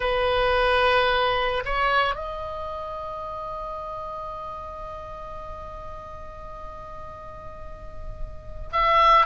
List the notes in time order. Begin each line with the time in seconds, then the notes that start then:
0.00 B4
1.65 C#5
2.15 D#5
8.72 E5